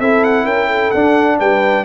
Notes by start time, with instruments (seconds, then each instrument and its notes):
0.00 tuba C4, trombone E4, horn A4, trumpet E5
0.24 trumpet F#5
0.45 tuba C#4, horn A#4, trumpet G5
0.67 horn A4
0.91 tuba D4, trombone D4, trumpet F#5
1.39 tuba G3, horn B4, trumpet G5